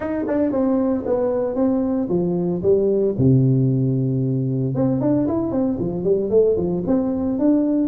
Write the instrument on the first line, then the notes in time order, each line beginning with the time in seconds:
tuba
0.00 D#4
0.27 D4
0.51 C4
1.06 B3
1.55 C4
2.09 F3
2.62 G3
3.18 C3
4.74 C4
5.00 D4
5.27 E4
5.51 C4
5.79 F3
6.03 G3
6.30 A3
6.56 F3
6.87 C4
7.39 D4